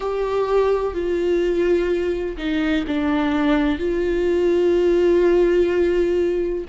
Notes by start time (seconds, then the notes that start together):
0.00 G4
0.94 F4
2.37 D#4
2.87 D4
3.78 F4